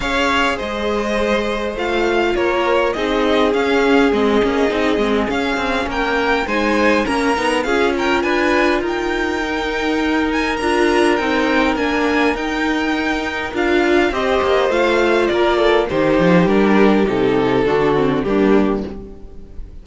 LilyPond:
<<
  \new Staff \with { instrumentName = "violin" } { \time 4/4 \tempo 4 = 102 f''4 dis''2 f''4 | cis''4 dis''4 f''4 dis''4~ | dis''4 f''4 g''4 gis''4 | ais''4 f''8 g''8 gis''4 g''4~ |
g''4. gis''8 ais''4 g''4 | gis''4 g''2 f''4 | dis''4 f''4 d''4 c''4 | ais'4 a'2 g'4 | }
  \new Staff \with { instrumentName = "violin" } { \time 4/4 cis''4 c''2. | ais'4 gis'2.~ | gis'2 ais'4 c''4 | ais'4 gis'8 ais'8 b'4 ais'4~ |
ais'1~ | ais'1 | c''2 ais'8 a'8 g'4~ | g'2 fis'4 d'4 | }
  \new Staff \with { instrumentName = "viola" } { \time 4/4 gis'2. f'4~ | f'4 dis'4 cis'4 c'8 cis'8 | dis'8 c'8 cis'2 dis'4 | cis'8 dis'8 f'2. |
dis'2 f'4 dis'4 | d'4 dis'2 f'4 | g'4 f'2 dis'4 | d'4 dis'4 d'8 c'8 ais4 | }
  \new Staff \with { instrumentName = "cello" } { \time 4/4 cis'4 gis2 a4 | ais4 c'4 cis'4 gis8 ais8 | c'8 gis8 cis'8 c'8 ais4 gis4 | ais8 b8 cis'4 d'4 dis'4~ |
dis'2 d'4 c'4 | ais4 dis'2 d'4 | c'8 ais8 a4 ais4 dis8 f8 | g4 c4 d4 g4 | }
>>